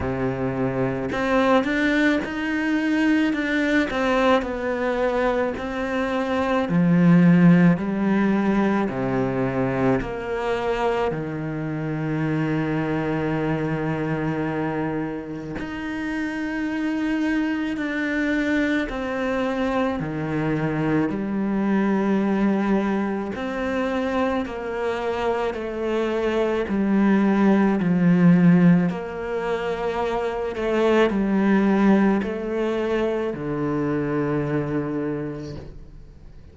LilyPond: \new Staff \with { instrumentName = "cello" } { \time 4/4 \tempo 4 = 54 c4 c'8 d'8 dis'4 d'8 c'8 | b4 c'4 f4 g4 | c4 ais4 dis2~ | dis2 dis'2 |
d'4 c'4 dis4 g4~ | g4 c'4 ais4 a4 | g4 f4 ais4. a8 | g4 a4 d2 | }